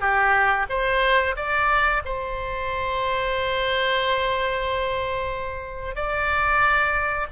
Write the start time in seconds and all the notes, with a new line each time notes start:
0.00 G4
0.69 C5
1.36 D5
2.05 C5
5.95 D5